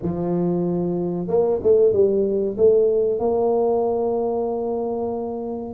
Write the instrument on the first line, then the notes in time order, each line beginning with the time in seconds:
tuba
0.02 F3
1.27 A#3
1.62 A3
1.92 G3
2.57 A3
3.19 A#3